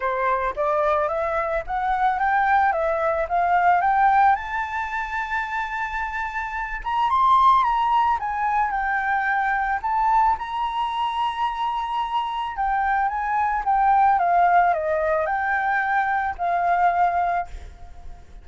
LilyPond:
\new Staff \with { instrumentName = "flute" } { \time 4/4 \tempo 4 = 110 c''4 d''4 e''4 fis''4 | g''4 e''4 f''4 g''4 | a''1~ | a''8 ais''8 c'''4 ais''4 gis''4 |
g''2 a''4 ais''4~ | ais''2. g''4 | gis''4 g''4 f''4 dis''4 | g''2 f''2 | }